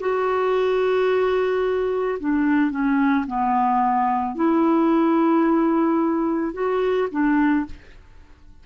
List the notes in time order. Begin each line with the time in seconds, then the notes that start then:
0.00 F#4
2.19 D4
2.71 C#4
3.27 B3
4.35 E4
6.53 F#4
7.11 D4